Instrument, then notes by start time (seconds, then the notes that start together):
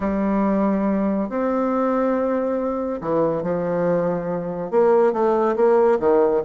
bassoon
0.00 G3
1.29 C4
3.01 E3
3.42 F3
4.70 A#3
5.13 A3
5.56 A#3
5.99 D#3